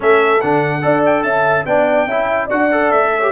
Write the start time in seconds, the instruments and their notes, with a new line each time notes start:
0.00 tuba A3, trombone C#4, horn A4, trumpet E5
0.40 tuba D3, trombone D4, trumpet F#5
0.81 tuba D4, trombone A4, horn D5
1.05 trumpet G5
1.23 tuba C#4, horn E5, trumpet A5
1.65 tuba B3, trombone D4, horn D5, trumpet G5
2.06 tuba C#4, trombone E4, horn E5
2.46 tuba D4, trombone F#4, horn D5, trumpet F#5
2.71 trombone A4
2.91 tuba A3, trumpet E5
3.16 trombone G4, horn C#5